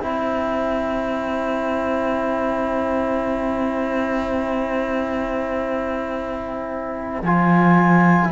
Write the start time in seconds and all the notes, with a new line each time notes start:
0.00 C4 E4 C5 G5
7.22 F3 F4 G#5